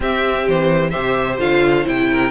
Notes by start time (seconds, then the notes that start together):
0.00 C4 G4 E5
0.47 E3 C5
0.90 C3 G4 C5 E5
1.38 D3 F4 F5
1.84 C3 E4 G5
2.10 A#4